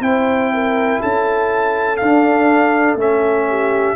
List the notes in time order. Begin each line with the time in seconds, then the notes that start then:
0.00 C4 E4 C5 G5
0.53 A#4
1.00 C#4 A4 A5
1.97 D4 F5
2.04 D4
2.95 A3 C#4 E5
3.48 G4